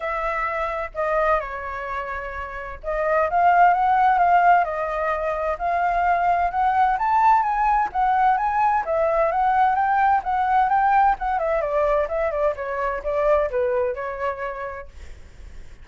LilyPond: \new Staff \with { instrumentName = "flute" } { \time 4/4 \tempo 4 = 129 e''2 dis''4 cis''4~ | cis''2 dis''4 f''4 | fis''4 f''4 dis''2 | f''2 fis''4 a''4 |
gis''4 fis''4 gis''4 e''4 | fis''4 g''4 fis''4 g''4 | fis''8 e''8 d''4 e''8 d''8 cis''4 | d''4 b'4 cis''2 | }